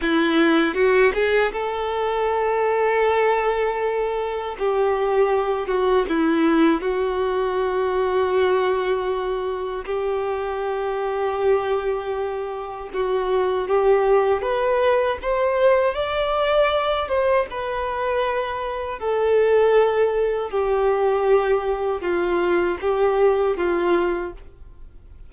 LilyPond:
\new Staff \with { instrumentName = "violin" } { \time 4/4 \tempo 4 = 79 e'4 fis'8 gis'8 a'2~ | a'2 g'4. fis'8 | e'4 fis'2.~ | fis'4 g'2.~ |
g'4 fis'4 g'4 b'4 | c''4 d''4. c''8 b'4~ | b'4 a'2 g'4~ | g'4 f'4 g'4 f'4 | }